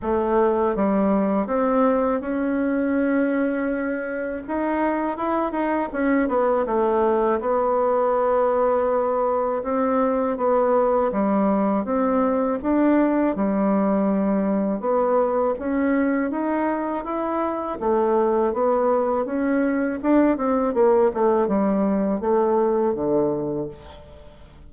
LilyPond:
\new Staff \with { instrumentName = "bassoon" } { \time 4/4 \tempo 4 = 81 a4 g4 c'4 cis'4~ | cis'2 dis'4 e'8 dis'8 | cis'8 b8 a4 b2~ | b4 c'4 b4 g4 |
c'4 d'4 g2 | b4 cis'4 dis'4 e'4 | a4 b4 cis'4 d'8 c'8 | ais8 a8 g4 a4 d4 | }